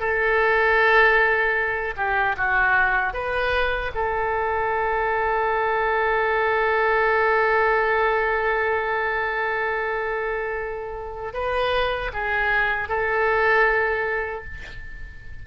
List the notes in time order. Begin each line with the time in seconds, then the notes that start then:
0.00 A4
1.97 G4
2.38 F#4
3.14 B4
3.95 A4
11.34 B4
12.13 G#4
12.89 A4